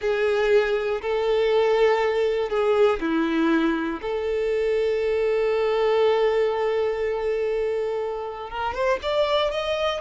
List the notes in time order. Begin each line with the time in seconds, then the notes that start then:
0.01 G#4
1.01 A4
2.49 G#4
3.00 E4
4.01 A4
8.50 A#4
8.74 C5
9.02 D5
9.51 D#5